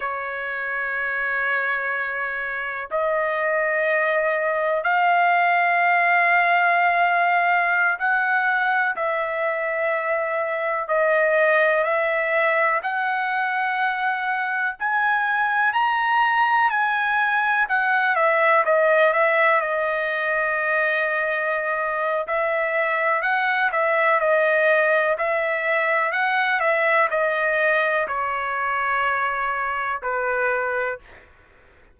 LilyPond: \new Staff \with { instrumentName = "trumpet" } { \time 4/4 \tempo 4 = 62 cis''2. dis''4~ | dis''4 f''2.~ | f''16 fis''4 e''2 dis''8.~ | dis''16 e''4 fis''2 gis''8.~ |
gis''16 ais''4 gis''4 fis''8 e''8 dis''8 e''16~ | e''16 dis''2~ dis''8. e''4 | fis''8 e''8 dis''4 e''4 fis''8 e''8 | dis''4 cis''2 b'4 | }